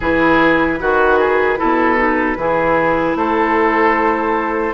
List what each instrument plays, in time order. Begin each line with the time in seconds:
0.00 bassoon E3, clarinet E4, oboe G#4, flute B4
0.79 bassoon D#3, clarinet F#4, oboe F#4
1.19 oboe G#4
1.57 bassoon B2, clarinet E4, oboe A4
1.97 clarinet D#4
2.36 bassoon E3, clarinet E4, oboe G#4
3.15 bassoon A3, oboe A4, flute C5